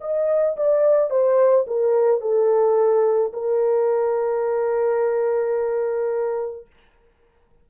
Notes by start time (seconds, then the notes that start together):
0.00 D#5
0.56 D5
1.10 C5
1.67 A#4
2.21 A4
3.33 A#4